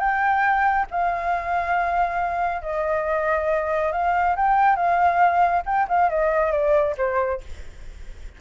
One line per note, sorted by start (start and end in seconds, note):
0.00 0.87 G5
0.91 2.62 F5
2.62 3.92 D#5
3.92 4.36 F5
4.36 4.76 G5
4.76 5.63 F5
5.66 5.88 G5
5.89 6.10 F5
6.10 6.52 D#5
6.52 6.96 D5
6.98 7.41 C5